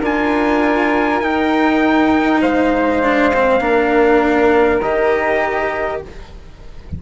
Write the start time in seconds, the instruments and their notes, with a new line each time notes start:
0.00 bassoon D4, cello F4, flute A#4, trumpet G#5
1.21 bassoon D#4, cello D#4, trumpet G5
2.42 bassoon G#3, flute C5, trumpet F5
3.03 cello D4
3.34 cello C4
3.60 bassoon A#3, cello D4, flute A#4
4.83 bassoon D#3, cello G4, trumpet D#5